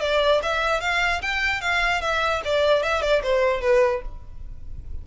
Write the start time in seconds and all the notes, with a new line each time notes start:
0.00 D5
0.42 E5
0.81 F5
1.22 G5
1.61 F5
2.01 E5
2.44 D5
2.83 E5
3.02 D5
3.23 C5
3.61 B4